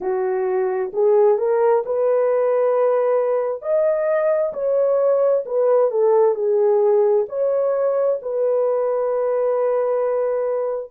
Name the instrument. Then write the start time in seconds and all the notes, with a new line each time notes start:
horn
0.00 F#4
0.93 G#4
1.38 A#4
1.85 B4
3.62 D#5
4.53 C#5
5.45 B4
5.90 A4
6.34 G#4
7.29 C#5
8.22 B4